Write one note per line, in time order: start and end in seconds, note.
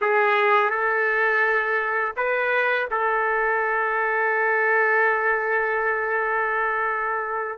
0.01 0.70 G#4
0.70 2.14 A4
2.16 2.88 B4
2.90 7.58 A4